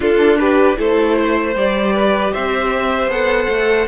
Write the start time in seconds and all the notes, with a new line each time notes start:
0.00 D4 F4 A4
0.38 G4 B4
0.75 A3 E4 A4 C5
1.17 C5
1.55 G3 G4 D5
1.93 B4
2.32 C4 C5 E5
3.07 B3 A4 F#5
3.48 A3